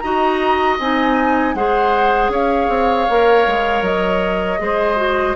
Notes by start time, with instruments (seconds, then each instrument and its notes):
0.00 bassoon D#4, clarinet F#4, oboe D#5, flute A#5
0.80 bassoon C4, clarinet D#4, flute G#5
1.55 bassoon G#3, clarinet G#4, oboe C5, flute F#5
2.29 bassoon C#4, oboe C#5, flute F5
2.69 bassoon C4
3.09 bassoon A#3, clarinet A#4
3.47 bassoon G#3
3.82 bassoon F#3, flute D#5
4.58 bassoon G#3, clarinet G#4, oboe C5
4.96 clarinet F#4